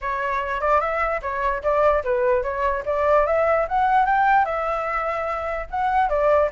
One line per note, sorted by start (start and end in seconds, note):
0.01 0.60 C#5
0.60 0.80 D5
0.80 1.21 E5
1.22 1.62 C#5
1.62 2.03 D5
2.03 2.42 B4
2.42 2.83 C#5
2.85 3.26 D5
3.26 3.67 E5
3.68 4.05 F#5
4.05 4.45 G5
4.45 5.66 E5
5.70 6.09 F#5
6.09 6.49 D5